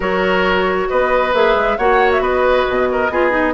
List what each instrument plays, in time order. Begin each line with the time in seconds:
0.00 bassoon F#3, clarinet F#4, oboe A#4, flute C#5
0.89 bassoon B3, oboe B4, flute D#5
1.33 bassoon A#3, clarinet G#4, flute E5
1.54 bassoon G#3
1.77 bassoon A#3, clarinet F#4, oboe C#5, flute F#5
2.11 flute E5
2.20 bassoon B3, oboe B4, flute D#5
2.69 bassoon B2
2.91 oboe A#4
3.10 bassoon B3, clarinet F4, oboe G#4
3.30 clarinet D#4